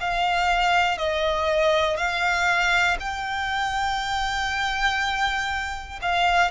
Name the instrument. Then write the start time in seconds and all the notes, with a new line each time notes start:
violin
0.00 F5
0.98 D#5
1.97 F5
3.00 G5
6.02 F5